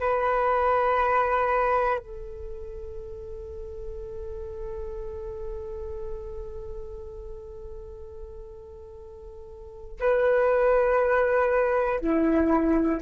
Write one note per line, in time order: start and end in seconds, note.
0.00 1.99 B4
1.99 9.99 A4
10.00 12.00 B4
12.01 13.01 E4